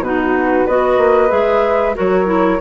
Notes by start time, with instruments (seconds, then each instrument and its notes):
0.00 bassoon B2, clarinet D#4, flute F#4 B4
0.67 bassoon B3, clarinet F#4, flute B4 D#5
0.98 bassoon A#3
1.29 bassoon G#3, clarinet G#4, flute E5
1.95 bassoon F#3, clarinet F#4, flute A#4 C#5
2.26 clarinet E4